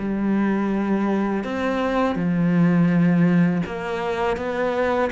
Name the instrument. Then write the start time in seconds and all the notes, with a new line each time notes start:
cello
0.00 G3
1.44 C4
2.16 F3
3.67 A#3
4.37 B3